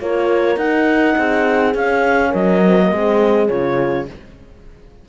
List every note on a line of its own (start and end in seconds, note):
0.00 0.57 A#3
0.00 0.59 F4
0.00 1.18 A#4
0.00 0.58 C#5
0.57 1.15 D#4
0.57 1.76 D#4
0.57 1.75 F#5
1.18 1.75 C4
1.18 2.31 G#4
1.75 2.33 C#4
1.75 2.63 C#4
1.75 2.34 F5
2.31 2.92 F#3
2.31 2.89 A#4
2.31 3.48 D#5
2.66 2.79 C4
2.79 2.94 A#3
2.91 3.50 G#3
2.91 3.49 C4
2.91 4.08 G#4
3.48 4.09 C#3
3.48 4.08 F4
3.48 4.06 C#5